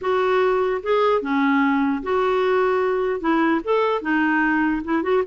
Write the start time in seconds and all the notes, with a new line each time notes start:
0.01 F#4
0.82 G#4
1.21 C#4
2.02 F#4
3.20 E4
3.64 A4
4.01 D#4
4.84 E4
5.02 F#4